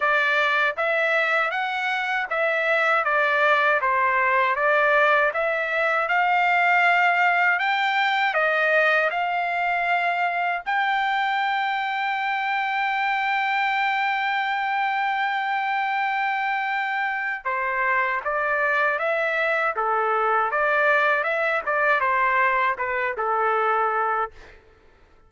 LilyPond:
\new Staff \with { instrumentName = "trumpet" } { \time 4/4 \tempo 4 = 79 d''4 e''4 fis''4 e''4 | d''4 c''4 d''4 e''4 | f''2 g''4 dis''4 | f''2 g''2~ |
g''1~ | g''2. c''4 | d''4 e''4 a'4 d''4 | e''8 d''8 c''4 b'8 a'4. | }